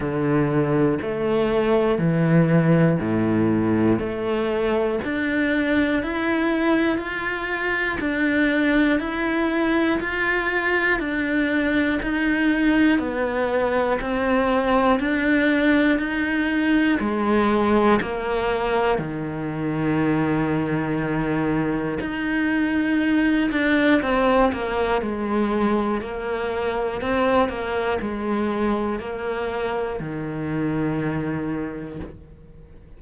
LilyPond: \new Staff \with { instrumentName = "cello" } { \time 4/4 \tempo 4 = 60 d4 a4 e4 a,4 | a4 d'4 e'4 f'4 | d'4 e'4 f'4 d'4 | dis'4 b4 c'4 d'4 |
dis'4 gis4 ais4 dis4~ | dis2 dis'4. d'8 | c'8 ais8 gis4 ais4 c'8 ais8 | gis4 ais4 dis2 | }